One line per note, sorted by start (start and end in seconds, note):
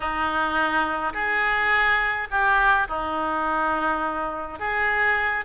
0.00 1.13 D#4
1.13 2.28 G#4
2.30 2.87 G4
2.88 4.59 D#4
4.59 5.44 G#4